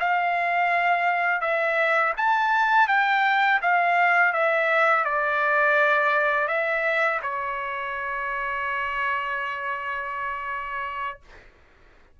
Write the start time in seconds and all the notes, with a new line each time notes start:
0.00 F5
1.41 E5
2.17 A5
2.88 G5
3.62 F5
4.33 E5
5.05 D5
6.48 E5
7.22 C#5